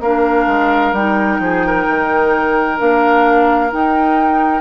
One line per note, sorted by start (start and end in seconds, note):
0.00 0.46 A#3
0.00 0.96 D4
0.00 1.40 A#4
0.00 0.94 F5
0.47 0.92 G#3
0.92 1.39 G3
0.92 2.78 D#4
0.92 2.78 G5
1.39 1.85 F3
1.39 1.66 G#4
1.66 4.61 A#4
1.88 2.80 D#3
2.78 3.73 A#3
2.78 3.70 D4
2.78 3.72 F5
3.72 4.61 D#4
3.72 4.61 G5